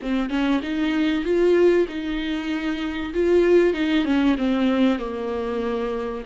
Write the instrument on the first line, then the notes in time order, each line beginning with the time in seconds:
viola
0.02 C4
0.29 C#4
0.62 D#4
1.24 F4
1.88 D#4
3.13 F4
3.73 D#4
4.04 C#4
4.37 C4
4.99 A#3